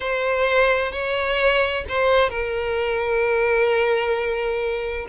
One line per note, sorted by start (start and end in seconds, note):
0.00 0.91 C5
0.91 1.84 C#5
1.88 2.29 C5
2.29 5.06 A#4